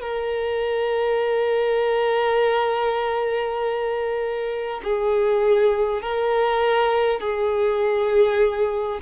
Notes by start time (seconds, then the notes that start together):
0.00 A#4
4.83 G#4
6.02 A#4
7.19 G#4